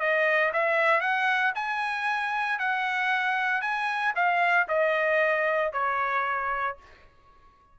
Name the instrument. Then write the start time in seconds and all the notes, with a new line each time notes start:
trumpet
0.00 D#5
0.53 E5
1.01 F#5
1.55 G#5
2.59 F#5
3.61 G#5
4.15 F5
4.68 D#5
5.73 C#5